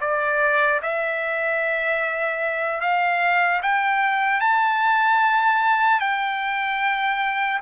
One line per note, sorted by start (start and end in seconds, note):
0.00 0.80 D5
0.82 2.80 E5
2.80 3.60 F5
3.62 4.40 G5
4.40 6.00 A5
6.00 7.60 G5